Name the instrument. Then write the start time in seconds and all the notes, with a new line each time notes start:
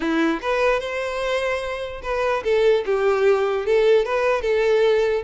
violin
0.00 E4
0.41 B4
0.80 C5
2.02 B4
2.43 A4
2.85 G4
3.65 A4
4.05 B4
4.41 A4